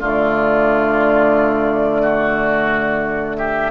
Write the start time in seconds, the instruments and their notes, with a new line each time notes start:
0.00 bassoon D3, clarinet A3, oboe F4, flute D5
2.02 oboe F#4
3.37 oboe G4, flute E5